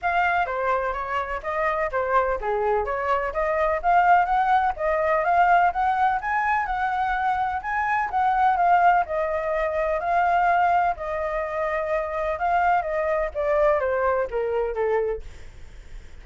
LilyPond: \new Staff \with { instrumentName = "flute" } { \time 4/4 \tempo 4 = 126 f''4 c''4 cis''4 dis''4 | c''4 gis'4 cis''4 dis''4 | f''4 fis''4 dis''4 f''4 | fis''4 gis''4 fis''2 |
gis''4 fis''4 f''4 dis''4~ | dis''4 f''2 dis''4~ | dis''2 f''4 dis''4 | d''4 c''4 ais'4 a'4 | }